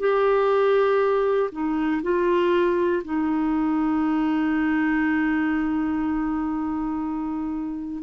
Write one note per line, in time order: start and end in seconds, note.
0.00 1.50 G4
1.52 2.02 D#4
2.02 3.02 F4
3.04 8.03 D#4